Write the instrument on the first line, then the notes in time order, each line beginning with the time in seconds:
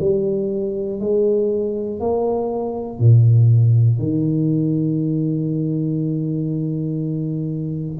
tuba
0.00 G3
1.00 G#3
2.00 A#3
3.00 A#2
3.99 D#3